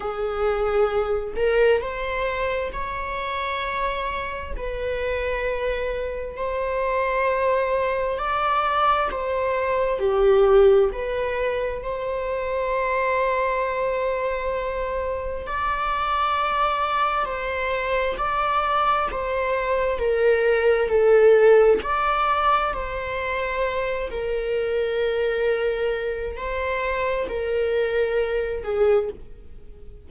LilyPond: \new Staff \with { instrumentName = "viola" } { \time 4/4 \tempo 4 = 66 gis'4. ais'8 c''4 cis''4~ | cis''4 b'2 c''4~ | c''4 d''4 c''4 g'4 | b'4 c''2.~ |
c''4 d''2 c''4 | d''4 c''4 ais'4 a'4 | d''4 c''4. ais'4.~ | ais'4 c''4 ais'4. gis'8 | }